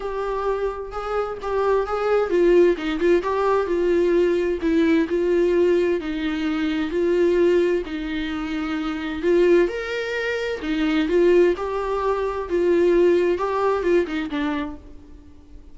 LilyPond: \new Staff \with { instrumentName = "viola" } { \time 4/4 \tempo 4 = 130 g'2 gis'4 g'4 | gis'4 f'4 dis'8 f'8 g'4 | f'2 e'4 f'4~ | f'4 dis'2 f'4~ |
f'4 dis'2. | f'4 ais'2 dis'4 | f'4 g'2 f'4~ | f'4 g'4 f'8 dis'8 d'4 | }